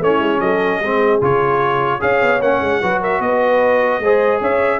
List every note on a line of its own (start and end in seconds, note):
0.00 0.20 A3
0.00 0.83 C#4
0.00 0.41 E4
0.00 0.40 C#5
0.20 0.40 G#3
0.40 0.80 F#3
0.40 0.81 A4
0.40 1.20 D#5
0.80 1.20 G#3
0.80 1.21 C4
0.80 2.00 G#4
1.21 2.01 C#3
1.21 2.00 F4
1.21 2.02 C#5
2.00 2.22 C#4
2.00 2.40 G#4
2.00 2.80 C#5
2.00 2.42 F5
2.22 2.40 B3
2.40 2.60 A#3
2.40 2.82 C#4
2.40 3.02 F#5
2.60 2.80 G#3
2.82 3.19 F#3
2.82 4.02 F#4
2.82 3.01 B4
3.01 3.21 A#4
3.01 3.21 E5
3.19 3.99 B3
3.19 4.41 D#5
3.25 4.03 B4
3.99 4.39 G#3
3.99 4.80 G#4
3.99 4.40 C5
4.40 4.80 C#4
4.40 4.80 C#5
4.40 4.80 E5